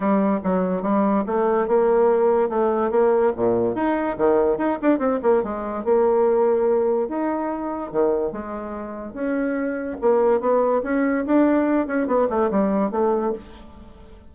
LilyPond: \new Staff \with { instrumentName = "bassoon" } { \time 4/4 \tempo 4 = 144 g4 fis4 g4 a4 | ais2 a4 ais4 | ais,4 dis'4 dis4 dis'8 d'8 | c'8 ais8 gis4 ais2~ |
ais4 dis'2 dis4 | gis2 cis'2 | ais4 b4 cis'4 d'4~ | d'8 cis'8 b8 a8 g4 a4 | }